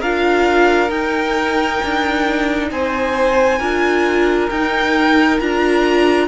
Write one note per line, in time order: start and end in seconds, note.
0.00 0.90 D4
0.00 0.89 F4
0.00 2.69 A#4
0.00 0.90 F5
0.89 3.57 D#4
0.89 1.80 D#4
0.89 2.70 G5
1.83 2.71 D4
2.71 3.60 C4
2.71 3.59 C5
2.71 4.50 G#5
3.59 4.50 D4
3.59 4.50 F4
3.59 6.28 A#4
4.50 5.40 D#4
4.50 5.39 G5
5.40 6.28 D4
5.40 6.28 F4
5.40 6.28 A#5